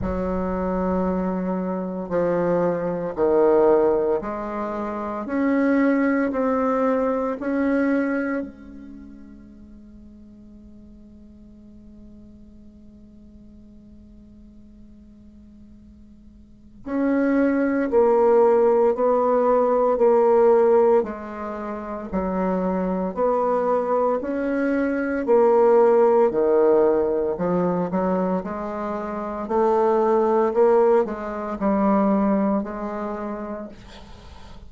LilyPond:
\new Staff \with { instrumentName = "bassoon" } { \time 4/4 \tempo 4 = 57 fis2 f4 dis4 | gis4 cis'4 c'4 cis'4 | gis1~ | gis1 |
cis'4 ais4 b4 ais4 | gis4 fis4 b4 cis'4 | ais4 dis4 f8 fis8 gis4 | a4 ais8 gis8 g4 gis4 | }